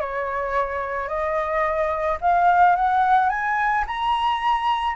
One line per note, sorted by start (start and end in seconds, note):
0.00 1.08 C#5
1.08 2.18 D#5
2.21 2.75 F5
2.75 3.29 F#5
3.29 3.84 G#5
3.87 4.95 A#5